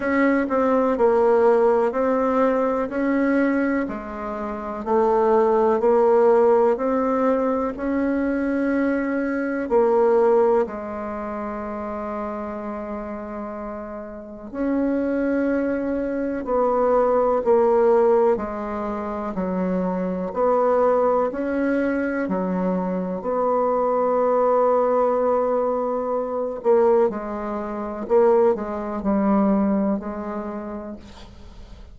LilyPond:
\new Staff \with { instrumentName = "bassoon" } { \time 4/4 \tempo 4 = 62 cis'8 c'8 ais4 c'4 cis'4 | gis4 a4 ais4 c'4 | cis'2 ais4 gis4~ | gis2. cis'4~ |
cis'4 b4 ais4 gis4 | fis4 b4 cis'4 fis4 | b2.~ b8 ais8 | gis4 ais8 gis8 g4 gis4 | }